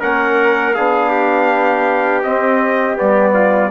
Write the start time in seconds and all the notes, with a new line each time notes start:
0.00 A#3 C#4 A#4 F#5
0.73 B3 D4 G#4 F5
1.10 G4
2.23 C4 D#5
2.95 G3 B3 D5
3.33 F4